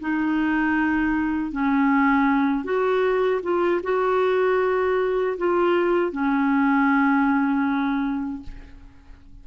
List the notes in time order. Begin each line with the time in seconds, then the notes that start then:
0.00 D#4
1.51 C#4
2.64 F#4
3.42 F4
3.83 F#4
5.37 F4
6.12 C#4